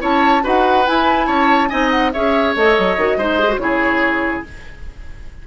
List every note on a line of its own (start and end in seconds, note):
0.00 0.44 C#4
0.00 0.42 E4
0.00 0.43 C#5
0.00 0.46 A5
0.43 0.88 D#4
0.43 0.85 F#4
0.43 1.27 B4
0.43 0.87 F#5
0.87 1.70 E4
0.87 1.28 E4
0.87 1.27 G#5
1.27 1.70 C#4
1.27 1.69 C#5
1.27 1.69 A5
1.69 2.15 C4
1.69 2.12 D#4
1.69 2.12 D#5
1.69 1.90 G#5
1.91 2.12 F#5
2.13 2.56 C#4
2.13 2.56 G#4
2.13 3.18 C#5
2.13 2.55 E5
2.56 2.77 A3
2.56 2.99 A4
2.56 3.58 D#5
2.79 2.97 F#3
2.97 3.17 D#3
2.97 3.20 F#4
3.17 3.57 G#3
3.17 3.40 D#4
3.17 3.60 C5
3.40 3.49 G#4
3.49 3.60 F#4
3.57 4.41 C#3
3.57 4.45 E4
3.57 4.43 C#5
3.63 4.47 G#4